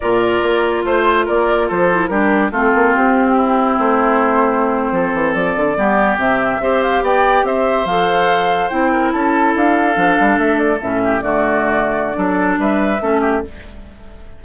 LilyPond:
<<
  \new Staff \with { instrumentName = "flute" } { \time 4/4 \tempo 4 = 143 d''2 c''4 d''4 | c''4 ais'4 a'4 g'4~ | g'4 c''2.~ | c''8. d''2 e''4~ e''16~ |
e''16 f''8 g''4 e''4 f''4~ f''16~ | f''8. g''4 a''4 f''4~ f''16~ | f''8. e''8 d''8 e''4 d''4~ d''16~ | d''2 e''2 | }
  \new Staff \with { instrumentName = "oboe" } { \time 4/4 ais'2 c''4 ais'4 | a'4 g'4 f'2 | e'2.~ e'8. a'16~ | a'4.~ a'16 g'2 c''16~ |
c''8. d''4 c''2~ c''16~ | c''4~ c''16 ais'8 a'2~ a'16~ | a'2~ a'16 g'8 fis'4~ fis'16~ | fis'4 a'4 b'4 a'8 g'8 | }
  \new Staff \with { instrumentName = "clarinet" } { \time 4/4 f'1~ | f'8 e'8 d'4 c'2~ | c'1~ | c'4.~ c'16 b4 c'4 g'16~ |
g'2~ g'8. a'4~ a'16~ | a'8. e'2. d'16~ | d'4.~ d'16 cis'4 a4~ a16~ | a4 d'2 cis'4 | }
  \new Staff \with { instrumentName = "bassoon" } { \time 4/4 ais,4 ais4 a4 ais4 | f4 g4 a8 ais8 c'4~ | c'4 a2~ a8. f16~ | f16 e8 f8 d8 g4 c4 c'16~ |
c'8. b4 c'4 f4~ f16~ | f8. c'4 cis'4 d'4 f16~ | f16 g8 a4 a,4 d4~ d16~ | d4 fis4 g4 a4 | }
>>